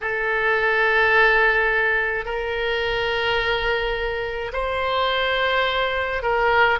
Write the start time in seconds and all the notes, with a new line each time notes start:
0.01 A4
2.25 A#4
4.52 C5
6.22 A#4